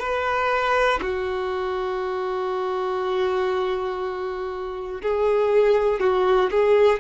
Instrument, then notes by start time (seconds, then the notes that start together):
violin
0.00 B4
1.02 F#4
5.03 G#4
6.00 F#4
6.51 G#4